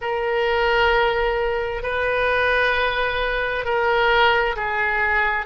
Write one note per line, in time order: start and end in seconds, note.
0.01 1.82 A#4
1.82 3.64 B4
3.64 4.55 A#4
4.55 5.45 G#4